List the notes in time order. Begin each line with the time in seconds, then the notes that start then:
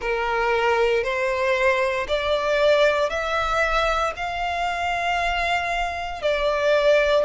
0.00 A#4
1.03 C5
2.07 D5
3.09 E5
4.16 F5
6.22 D5